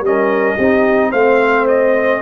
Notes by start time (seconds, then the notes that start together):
0.00 G3 C#4 D#5
0.07 A#4
0.57 C4 D#4 G4
1.10 A3 C4 C5 F5
1.67 D#5